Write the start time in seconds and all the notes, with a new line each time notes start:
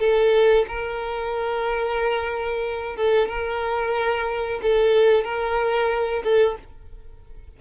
0.00 A4
0.68 A#4
2.97 A4
3.29 A#4
4.63 A4
5.24 A#4
6.24 A4